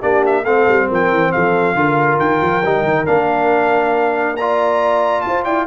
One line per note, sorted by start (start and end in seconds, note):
0.00 0.45 A#3
0.00 0.44 D4
0.00 0.43 G4
0.00 0.23 D5
0.26 0.45 E5
0.43 0.67 A3
0.43 1.76 C4
0.43 0.87 A4
0.43 0.88 F5
0.68 0.89 G3
0.88 1.11 F3
0.88 1.32 A#4
0.88 1.32 G5
1.11 1.32 E3
1.32 1.74 F3
1.32 1.76 A4
1.32 2.19 F5
1.74 2.17 D3
1.74 2.63 F4
1.74 4.37 A#4
2.19 2.41 D#3
2.19 3.06 G5
2.41 2.63 F3
2.63 2.83 G3
2.63 3.06 D#4
2.83 3.05 D#3
3.06 5.24 A#3
3.06 4.36 D4
3.06 4.36 F5
4.36 5.67 F4
4.36 5.26 D5
4.36 5.21 A#5
5.21 5.45 F4
5.21 5.42 A5
5.27 5.43 C5
5.43 5.66 E4
5.43 5.65 D5
5.43 5.66 G5